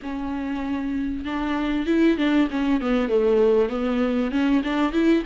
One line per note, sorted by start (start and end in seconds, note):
0.02 1.24 C#4
1.24 1.86 D4
1.86 2.17 E4
2.17 2.48 D4
2.50 2.80 C#4
2.80 3.08 B3
3.08 3.69 A3
3.69 4.31 B3
4.31 4.62 C#4
4.63 4.92 D4
4.92 5.23 E4